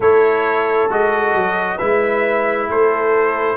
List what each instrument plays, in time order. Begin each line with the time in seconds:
0.00 tuba A3, trombone E4, horn A4, trumpet C#5
0.89 tuba G#3, trombone F#4, trumpet D#5
1.34 tuba F#3
1.76 tuba G#3, trombone E4, horn B4, trumpet E5
2.68 tuba A3, horn A4, trumpet C5